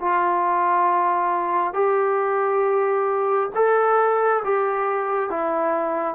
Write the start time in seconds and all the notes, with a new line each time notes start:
0.00 F4
1.73 G4
3.55 A4
4.44 G4
5.30 E4